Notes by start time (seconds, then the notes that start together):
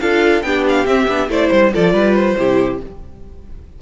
0.00 D4 F4 A4 F5
0.43 B3 D4 G4 G5
0.69 F5
0.86 C4 E5
1.08 B3 D4
1.28 A3 E4 C5 D5
1.51 G3 C5
1.73 F3 F4 A4 D5
1.93 G3 B4
2.15 C5
2.37 C3 E4 G4